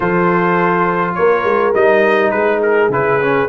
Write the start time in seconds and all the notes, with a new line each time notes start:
0.00 F3 F4 A4 C5
1.14 A#3 A#4 C#5
1.44 G#3
1.74 G3 D#4 D#5
2.30 G#3 G#4 B4
2.62 A#4
2.89 C#3 E4 B4
3.21 C#4